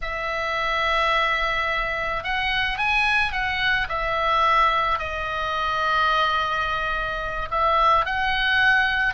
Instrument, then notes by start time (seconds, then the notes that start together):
oboe
0.02 E5
2.23 F#5
2.78 G#5
3.32 F#5
3.89 E5
4.98 D#5
7.51 E5
8.05 F#5